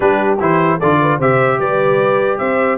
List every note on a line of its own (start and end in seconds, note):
0.00 0.39 G3
0.00 0.38 D4
0.00 0.78 G4
0.00 0.38 B4
0.40 0.80 E3
0.40 0.80 E4
0.40 0.80 C5
0.78 1.19 D3
0.78 1.20 F4
0.78 0.98 A4
0.78 1.20 D5
1.01 1.18 B4
1.18 1.59 C3
1.18 2.78 G4
1.18 1.58 C5
1.18 1.60 E5
1.59 2.39 G3
1.59 2.38 B4
1.59 2.38 D5
2.38 2.78 C4
2.38 2.78 C5
2.38 2.78 E5